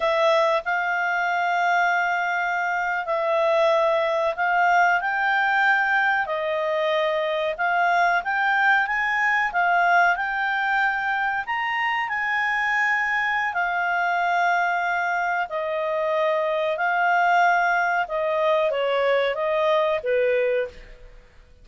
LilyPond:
\new Staff \with { instrumentName = "clarinet" } { \time 4/4 \tempo 4 = 93 e''4 f''2.~ | f''8. e''2 f''4 g''16~ | g''4.~ g''16 dis''2 f''16~ | f''8. g''4 gis''4 f''4 g''16~ |
g''4.~ g''16 ais''4 gis''4~ gis''16~ | gis''4 f''2. | dis''2 f''2 | dis''4 cis''4 dis''4 b'4 | }